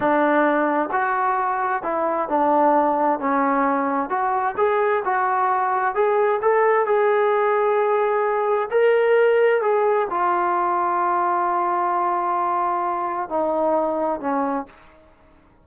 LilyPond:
\new Staff \with { instrumentName = "trombone" } { \time 4/4 \tempo 4 = 131 d'2 fis'2 | e'4 d'2 cis'4~ | cis'4 fis'4 gis'4 fis'4~ | fis'4 gis'4 a'4 gis'4~ |
gis'2. ais'4~ | ais'4 gis'4 f'2~ | f'1~ | f'4 dis'2 cis'4 | }